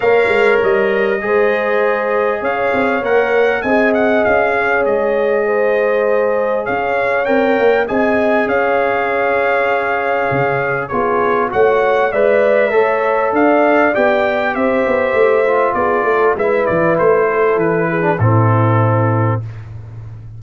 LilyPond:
<<
  \new Staff \with { instrumentName = "trumpet" } { \time 4/4 \tempo 4 = 99 f''4 dis''2. | f''4 fis''4 gis''8 fis''8 f''4 | dis''2. f''4 | g''4 gis''4 f''2~ |
f''2 cis''4 fis''4 | e''2 f''4 g''4 | e''2 d''4 e''8 d''8 | c''4 b'4 a'2 | }
  \new Staff \with { instrumentName = "horn" } { \time 4/4 cis''2 c''2 | cis''2 dis''4. cis''8~ | cis''4 c''2 cis''4~ | cis''4 dis''4 cis''2~ |
cis''2 gis'4 cis''4 | d''4 cis''4 d''2 | c''2 gis'8 a'8 b'4~ | b'8 a'4 gis'8 e'2 | }
  \new Staff \with { instrumentName = "trombone" } { \time 4/4 ais'2 gis'2~ | gis'4 ais'4 gis'2~ | gis'1 | ais'4 gis'2.~ |
gis'2 f'4 fis'4 | b'4 a'2 g'4~ | g'4. f'4. e'4~ | e'4.~ e'16 d'16 c'2 | }
  \new Staff \with { instrumentName = "tuba" } { \time 4/4 ais8 gis8 g4 gis2 | cis'8 c'8 ais4 c'4 cis'4 | gis2. cis'4 | c'8 ais8 c'4 cis'2~ |
cis'4 cis4 b4 a4 | gis4 a4 d'4 b4 | c'8 b8 a4 b8 a8 gis8 e8 | a4 e4 a,2 | }
>>